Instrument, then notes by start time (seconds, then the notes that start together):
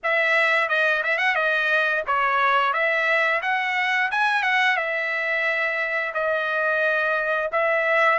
trumpet
0.03 E5
0.68 D#5
1.03 E5
1.18 F#5
1.35 D#5
2.06 C#5
2.73 E5
3.42 F#5
4.11 G#5
4.42 F#5
4.77 E5
6.14 D#5
7.52 E5